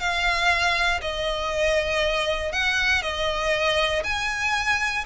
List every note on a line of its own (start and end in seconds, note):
0.00 1.01 F5
1.02 2.52 D#5
2.52 3.03 F#5
3.03 4.03 D#5
4.04 5.05 G#5